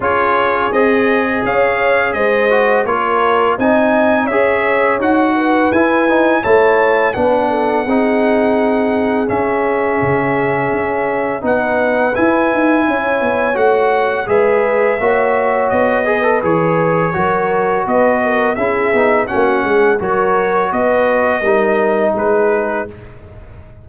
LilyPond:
<<
  \new Staff \with { instrumentName = "trumpet" } { \time 4/4 \tempo 4 = 84 cis''4 dis''4 f''4 dis''4 | cis''4 gis''4 e''4 fis''4 | gis''4 a''4 fis''2~ | fis''4 e''2. |
fis''4 gis''2 fis''4 | e''2 dis''4 cis''4~ | cis''4 dis''4 e''4 fis''4 | cis''4 dis''2 b'4 | }
  \new Staff \with { instrumentName = "horn" } { \time 4/4 gis'2 cis''4 c''4 | ais'4 dis''4 cis''4. b'8~ | b'4 cis''4 b'8 a'8 gis'4~ | gis'1 |
b'2 cis''2 | b'4 cis''4. b'4. | ais'4 b'8 ais'8 gis'4 fis'8 gis'8 | ais'4 b'4 ais'4 gis'4 | }
  \new Staff \with { instrumentName = "trombone" } { \time 4/4 f'4 gis'2~ gis'8 fis'8 | f'4 dis'4 gis'4 fis'4 | e'8 dis'8 e'4 d'4 dis'4~ | dis'4 cis'2. |
dis'4 e'2 fis'4 | gis'4 fis'4. gis'16 a'16 gis'4 | fis'2 e'8 dis'8 cis'4 | fis'2 dis'2 | }
  \new Staff \with { instrumentName = "tuba" } { \time 4/4 cis'4 c'4 cis'4 gis4 | ais4 c'4 cis'4 dis'4 | e'4 a4 b4 c'4~ | c'4 cis'4 cis4 cis'4 |
b4 e'8 dis'8 cis'8 b8 a4 | gis4 ais4 b4 e4 | fis4 b4 cis'8 b8 ais8 gis8 | fis4 b4 g4 gis4 | }
>>